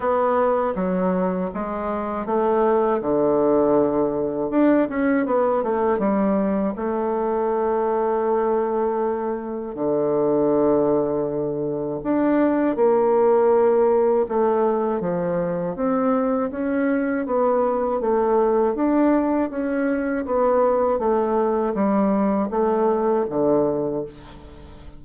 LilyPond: \new Staff \with { instrumentName = "bassoon" } { \time 4/4 \tempo 4 = 80 b4 fis4 gis4 a4 | d2 d'8 cis'8 b8 a8 | g4 a2.~ | a4 d2. |
d'4 ais2 a4 | f4 c'4 cis'4 b4 | a4 d'4 cis'4 b4 | a4 g4 a4 d4 | }